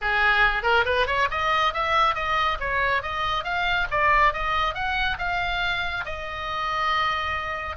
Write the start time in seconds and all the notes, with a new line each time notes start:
0.01 G#4
0.62 A#4
0.85 B4
1.06 C#5
1.30 D#5
1.73 E5
2.15 D#5
2.60 C#5
3.02 D#5
3.44 F5
3.90 D5
4.33 D#5
4.74 F#5
5.18 F5
6.05 D#5